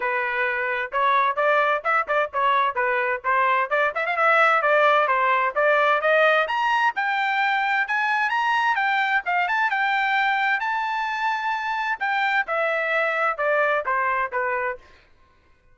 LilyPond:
\new Staff \with { instrumentName = "trumpet" } { \time 4/4 \tempo 4 = 130 b'2 cis''4 d''4 | e''8 d''8 cis''4 b'4 c''4 | d''8 e''16 f''16 e''4 d''4 c''4 | d''4 dis''4 ais''4 g''4~ |
g''4 gis''4 ais''4 g''4 | f''8 a''8 g''2 a''4~ | a''2 g''4 e''4~ | e''4 d''4 c''4 b'4 | }